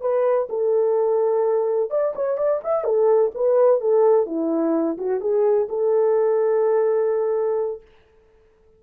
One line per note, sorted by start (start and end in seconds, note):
0.00 0.47 B4
0.49 1.90 A4
1.90 2.13 D5
2.15 2.37 C#5
2.37 2.60 D5
2.63 2.84 E5
2.84 3.31 A4
3.34 3.80 B4
3.80 4.26 A4
4.26 4.97 E4
4.98 5.20 F#4
5.20 5.68 G#4
5.69 7.81 A4